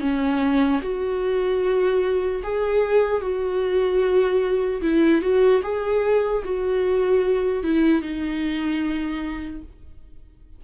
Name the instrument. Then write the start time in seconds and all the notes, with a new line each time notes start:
viola
0.00 C#4
0.82 F#4
2.43 G#4
3.21 F#4
4.81 E4
5.21 F#4
5.63 G#4
6.44 F#4
7.63 E4
8.01 D#4